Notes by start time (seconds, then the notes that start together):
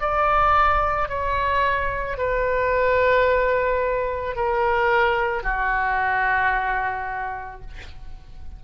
0.00 D5
1.09 C#5
2.17 B4
4.35 A#4
5.43 F#4